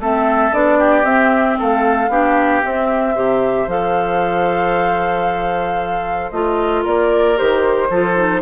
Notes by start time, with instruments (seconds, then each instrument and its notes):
0.00 bassoon A3, clarinet C4, oboe A4, flute E5
0.53 bassoon B3, clarinet D4, flute D5
0.79 oboe G4
1.04 bassoon C4, clarinet C4, flute E5
1.60 bassoon A3, oboe A4, flute F5
2.09 bassoon B3, clarinet D4, oboe G4
2.63 clarinet C4, bassoon C4, flute E5
3.15 bassoon C3, clarinet G4, oboe C5
3.67 bassoon F3, clarinet A4, flute F5
6.31 bassoon A3, clarinet F4, flute D#5
6.83 bassoon A#3, oboe A#4, flute D5
7.37 bassoon D#3, clarinet G4, flute C5
7.90 bassoon F3, clarinet F4, oboe A4
8.17 clarinet D#4